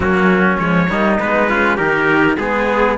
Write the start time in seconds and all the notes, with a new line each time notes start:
0.00 F#3 A#3 C#4 F#4
0.58 F3 G#3 C#5
0.89 G3 A#3 D#4
1.19 G#3 B3 B4
1.49 C#4 F4
1.76 D#3 D#4 G4 A#4
2.37 G#3 B3 G#4